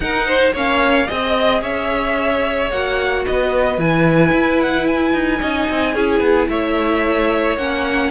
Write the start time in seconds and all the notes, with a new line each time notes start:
0.00 D#4 A#4 F#5
0.26 C5
0.52 A#3 C#4 C#5 F5
1.06 C4 G#4 D#5
1.62 C#4 C#5 E5
2.71 A#3 F#4 F#5
3.25 B3 B4 D#5
3.77 E3 E4 G#5
4.32 E4
4.60 F#5
4.86 G#5
5.13 D#4
5.40 C#4 D#4 D#5
5.69 C4
5.94 C#4 E4 G#4
6.20 B3
6.48 A3 C#5 E5
7.56 A#3 C#4 F#5